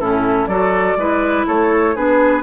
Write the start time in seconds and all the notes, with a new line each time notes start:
0.00 A2 C#4 E4 A4
0.47 F#3 F#4 A4 D5
0.96 G#3 E4 B4
1.47 A3 A4 C#5
1.95 B3 D4 G#4 B4